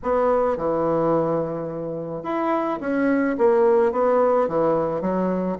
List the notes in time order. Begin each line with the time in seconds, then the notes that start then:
0.02 B3
0.57 E3
2.23 E4
2.80 C#4
3.38 A#3
3.92 B3
4.48 E3
5.01 F#3